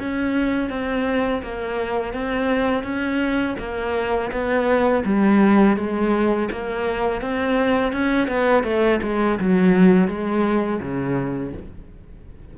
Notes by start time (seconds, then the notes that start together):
0.00 C#4
0.70 C4
1.43 A#3
2.14 C4
2.84 C#4
3.59 A#3
4.32 B3
5.05 G3
5.77 G#3
6.52 A#3
7.22 C4
7.93 C#4
8.28 B3
8.64 A3
9.03 G#3
9.40 F#3
10.08 G#3
10.81 C#3